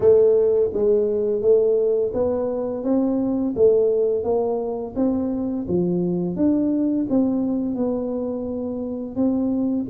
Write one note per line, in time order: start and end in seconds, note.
0.00 0.70 A3
0.73 1.41 G#3
1.41 2.12 A3
2.13 2.83 B3
2.83 3.54 C4
3.56 4.23 A3
4.23 4.94 A#3
4.95 5.66 C4
5.68 6.35 F3
6.35 7.06 D4
7.09 7.75 C4
7.75 9.15 B3
9.15 9.86 C4